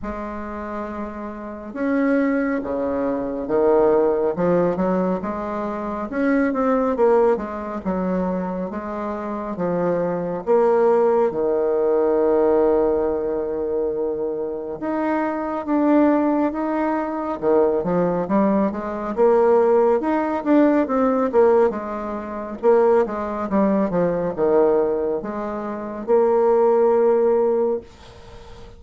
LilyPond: \new Staff \with { instrumentName = "bassoon" } { \time 4/4 \tempo 4 = 69 gis2 cis'4 cis4 | dis4 f8 fis8 gis4 cis'8 c'8 | ais8 gis8 fis4 gis4 f4 | ais4 dis2.~ |
dis4 dis'4 d'4 dis'4 | dis8 f8 g8 gis8 ais4 dis'8 d'8 | c'8 ais8 gis4 ais8 gis8 g8 f8 | dis4 gis4 ais2 | }